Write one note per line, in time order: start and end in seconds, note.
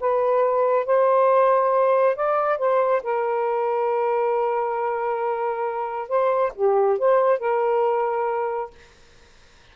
0.00 0.86 B4
0.86 2.16 C5
2.16 2.58 D5
2.58 3.02 C5
3.03 6.09 A#4
6.09 6.52 C5
6.55 6.98 G4
6.98 7.39 C5
7.39 8.70 A#4